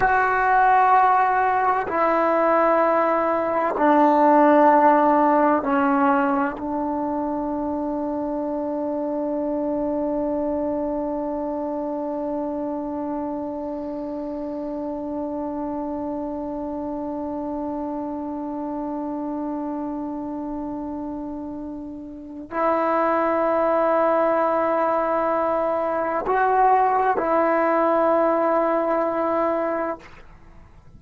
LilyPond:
\new Staff \with { instrumentName = "trombone" } { \time 4/4 \tempo 4 = 64 fis'2 e'2 | d'2 cis'4 d'4~ | d'1~ | d'1~ |
d'1~ | d'1 | e'1 | fis'4 e'2. | }